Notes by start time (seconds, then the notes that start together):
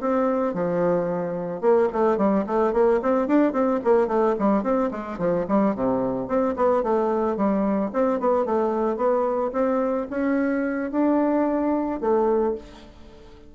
0.00 C4
0.54 F3
1.61 A#3
1.92 A3
2.17 G3
2.46 A3
2.72 A#3
3.02 C4
3.27 D4
3.52 C4
3.84 A#3
4.07 A3
4.39 G3
4.63 C4
4.91 G#3
5.18 F3
5.48 G3
5.74 C3
6.27 C4
6.56 B3
6.83 A3
7.36 G3
7.92 C4
8.20 B3
8.45 A3
8.97 B3
9.52 C4
10.10 C#4
10.91 D4
12.00 A3